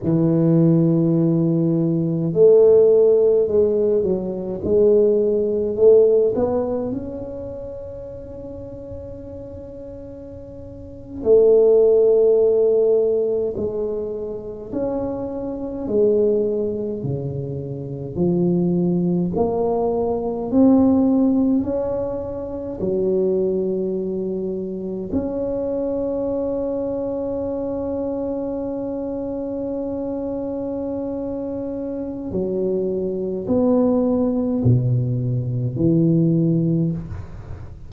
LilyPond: \new Staff \with { instrumentName = "tuba" } { \time 4/4 \tempo 4 = 52 e2 a4 gis8 fis8 | gis4 a8 b8 cis'2~ | cis'4.~ cis'16 a2 gis16~ | gis8. cis'4 gis4 cis4 f16~ |
f8. ais4 c'4 cis'4 fis16~ | fis4.~ fis16 cis'2~ cis'16~ | cis'1 | fis4 b4 b,4 e4 | }